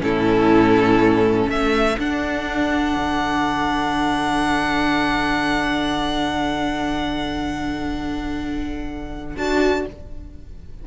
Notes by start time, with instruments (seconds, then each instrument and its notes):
0.00 cello A2, viola C#4, violin E4 A4
1.48 cello A3, violin A4 E5
1.99 cello D4, viola D4, violin F#5
2.97 cello D3
9.37 cello D4, viola F#4, violin A5